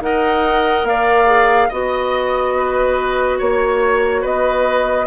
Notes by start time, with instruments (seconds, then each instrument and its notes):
0.00 bassoon D#4, clarinet A#4, oboe D#5, flute F#5
0.83 bassoon A#3, oboe D5, flute F5
1.26 clarinet G#4
1.68 bassoon B3, clarinet F#4, oboe D#5, flute D#5
2.57 oboe B4
3.38 bassoon A#3, oboe C#5, flute C#5
4.21 bassoon B3, oboe B4, flute D#5